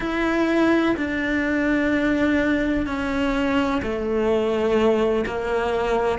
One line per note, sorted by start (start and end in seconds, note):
0.00 0.95 E4
0.97 2.86 D4
2.86 3.81 C#4
3.82 5.25 A3
5.26 6.18 A#3